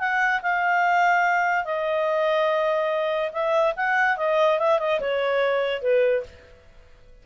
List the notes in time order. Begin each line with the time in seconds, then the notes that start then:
0.00 F#5
0.43 F5
1.65 D#5
3.33 E5
3.77 F#5
4.18 D#5
4.60 E5
4.79 D#5
5.01 C#5
5.82 B4